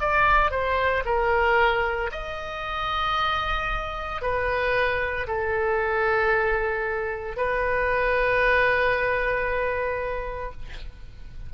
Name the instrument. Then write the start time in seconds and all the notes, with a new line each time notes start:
oboe
0.00 D5
0.50 C5
1.05 A#4
2.11 D#5
4.21 B4
5.27 A4
7.36 B4